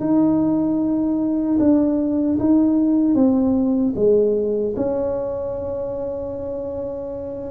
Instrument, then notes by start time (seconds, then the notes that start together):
tuba
0.00 D#4
1.59 D4
2.40 D#4
3.15 C4
3.96 G#3
4.77 C#4